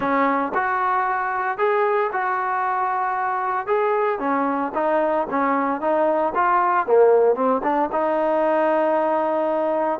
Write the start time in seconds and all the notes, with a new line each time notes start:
0.00 C#4
0.54 F#4
1.58 G#4
2.12 F#4
3.66 G#4
4.19 C#4
4.74 D#4
5.30 C#4
5.80 D#4
6.34 F4
6.86 A#3
7.35 C4
7.63 D4
7.91 D#4